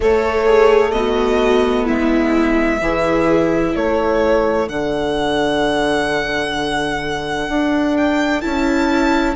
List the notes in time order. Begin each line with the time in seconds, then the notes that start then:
0.00 A3 A4 C#5
0.46 G#4
0.91 B3 F#4 D#5
1.84 G#3 E4 E5
2.80 E3 E4 G#4
3.74 A3 A4 C#5
4.68 D3 D4 F#5
7.48 D4
7.96 G5
8.41 C#4 E4 A5